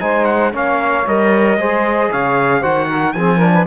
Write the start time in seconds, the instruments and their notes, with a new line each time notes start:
0.00 cello G#3, trombone D#4, saxophone C5, trumpet G#5
0.25 trumpet F#5
0.52 cello A#3, trombone C#4, saxophone C#5, trumpet F5
1.06 cello G3, trombone A#4, trumpet D#5
1.57 cello G#3, trombone G#4, saxophone C5
2.10 cello C#3, saxophone C#5, trumpet F5
2.60 cello D#3, trombone F#4, saxophone C5, trumpet F#5
2.89 saxophone A#4
3.12 cello F3, trombone C4, saxophone G#4, trumpet G#5
3.36 trombone D4, saxophone A#4
3.53 saxophone B4